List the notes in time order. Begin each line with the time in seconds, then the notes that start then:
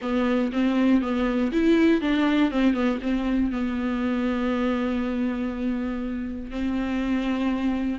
0.01 B3
0.52 C4
1.01 B3
1.52 E4
2.01 D4
2.51 C4
2.73 B3
3.02 C4
3.51 B3
6.50 C4